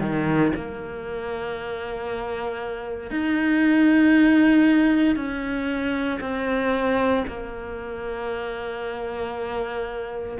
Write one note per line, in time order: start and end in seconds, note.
0.00 0.52 D#3
0.55 3.11 A#3
3.11 5.16 D#4
5.16 6.19 C#4
6.21 7.24 C4
7.27 10.38 A#3